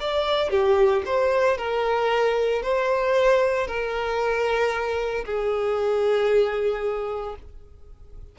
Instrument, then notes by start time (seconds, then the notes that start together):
violin
0.00 D5
0.50 G4
1.06 C5
1.58 A#4
2.63 C5
3.67 A#4
5.25 G#4